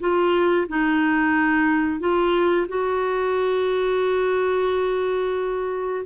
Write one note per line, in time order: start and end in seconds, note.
0.00 0.67 F4
0.68 2.00 D#4
2.00 2.67 F4
2.68 6.06 F#4